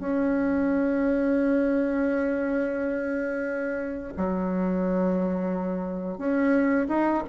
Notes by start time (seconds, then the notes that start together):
0.00 C#4
4.17 F#3
6.18 C#4
6.89 D#4